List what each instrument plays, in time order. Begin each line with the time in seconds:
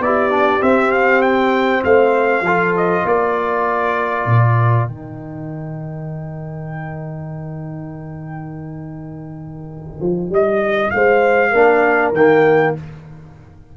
0.00 tuba B3, trombone E4, horn G4, trumpet D5
0.31 trombone D4
0.61 trombone C4, tuba C4, trumpet E5
0.92 trumpet F5
1.22 trumpet G5
1.84 tuba A3, horn C5, trumpet F5
2.42 tuba F3, trombone F4, horn A4
2.77 trumpet D#5
3.05 tuba A#3, horn A#4, trumpet D5
4.26 tuba A#2
4.86 tuba D#3, trombone D#4, trumpet G5
10.01 tuba F3
10.30 tuba G3, trumpet D#5
10.91 tuba G#3, horn C5, trumpet F5
11.51 tuba A#3, trombone D4, horn A#4
12.13 tuba D#3, trombone A#3, trumpet G5